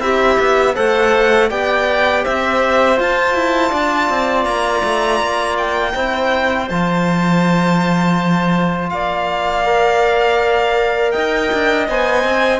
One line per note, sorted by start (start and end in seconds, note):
0.00 0.37 C4
0.00 0.74 E4
0.00 0.74 G4
0.00 0.75 E5
0.39 0.76 B3
0.74 1.51 A3
0.74 1.50 A4
0.74 1.48 C5
0.74 1.50 F#5
1.50 2.25 B3
1.50 2.96 G4
1.50 2.23 D5
1.50 2.25 G5
2.23 2.99 C4
2.23 3.70 C5
2.23 2.99 E5
2.96 5.92 F4
2.96 3.34 F4
2.96 4.45 A5
3.34 3.71 E4
3.70 4.10 D4
3.70 5.92 D5
4.10 4.45 C4
4.45 4.82 A#3
4.45 5.56 A#5
4.84 5.20 A3
5.20 5.94 A#3
5.58 6.69 G5
5.94 6.69 C4
5.94 6.69 E4
5.94 8.90 C5
6.69 8.92 F3
6.69 9.65 F4
6.69 8.89 A5
8.89 11.14 A#3
8.89 11.12 D5
8.89 11.12 F5
9.65 11.87 A#4
11.12 11.52 D#4
11.12 12.60 D#5
11.12 11.86 G5
11.53 11.89 D4
11.89 12.24 B3
11.89 12.60 C5
11.89 12.60 G#5
12.24 12.60 C4